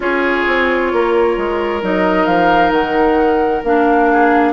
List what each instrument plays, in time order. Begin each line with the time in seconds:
0.00 bassoon C#4, clarinet F4, oboe G#4, flute C#5
0.47 bassoon C4
0.92 bassoon A#3, oboe A#4
1.37 bassoon G#3
1.81 bassoon F#3, clarinet D#4, flute D#5
2.26 bassoon F3, flute F5
2.70 bassoon D#3, flute F#5
3.63 bassoon A#3, clarinet D4, flute F5
4.12 oboe G#4